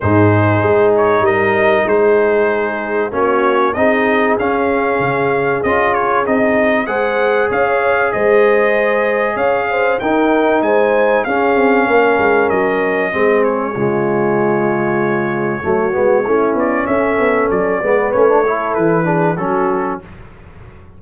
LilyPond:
<<
  \new Staff \with { instrumentName = "trumpet" } { \time 4/4 \tempo 4 = 96 c''4. cis''8 dis''4 c''4~ | c''4 cis''4 dis''4 f''4~ | f''4 dis''8 cis''8 dis''4 fis''4 | f''4 dis''2 f''4 |
g''4 gis''4 f''2 | dis''4. cis''2~ cis''8~ | cis''2~ cis''8 d''8 e''4 | d''4 cis''4 b'4 a'4 | }
  \new Staff \with { instrumentName = "horn" } { \time 4/4 gis'2 ais'4 gis'4~ | gis'4 fis'4 gis'2~ | gis'2. c''4 | cis''4 c''2 cis''8 c''8 |
ais'4 c''4 gis'4 ais'4~ | ais'4 gis'4 f'2~ | f'4 fis'4 e'4 a'4~ | a'8 b'4 a'4 gis'8 fis'4 | }
  \new Staff \with { instrumentName = "trombone" } { \time 4/4 dis'1~ | dis'4 cis'4 dis'4 cis'4~ | cis'4 f'4 dis'4 gis'4~ | gis'1 |
dis'2 cis'2~ | cis'4 c'4 gis2~ | gis4 a8 b8 cis'2~ | cis'8 b8 cis'16 d'16 e'4 d'8 cis'4 | }
  \new Staff \with { instrumentName = "tuba" } { \time 4/4 gis,4 gis4 g4 gis4~ | gis4 ais4 c'4 cis'4 | cis4 cis'4 c'4 gis4 | cis'4 gis2 cis'4 |
dis'4 gis4 cis'8 c'8 ais8 gis8 | fis4 gis4 cis2~ | cis4 fis8 gis8 a8 b8 cis'8 b8 | fis8 gis8 a4 e4 fis4 | }
>>